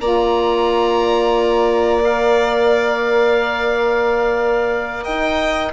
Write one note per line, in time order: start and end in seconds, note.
0.00 5.06 A#3
0.00 2.01 F4
0.00 5.04 D5
0.00 2.03 A#5
2.01 5.72 A#4
2.01 5.05 F5
5.04 5.73 D#4
5.04 5.71 D#5
5.04 5.72 G5